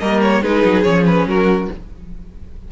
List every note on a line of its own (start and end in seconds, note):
0.00 0.42 G3
0.00 0.43 A#3
0.00 0.43 A#4
0.00 0.21 D#5
0.22 0.43 C#5
0.42 0.63 G#3
0.42 0.84 D#4
0.42 1.28 G#4
0.42 0.83 B4
0.65 0.86 F#3
0.83 1.26 F3
0.83 1.70 C#4
0.83 1.04 C#5
1.07 1.28 B4
1.26 1.68 F#3
1.26 1.72 F#4
1.26 1.71 A#4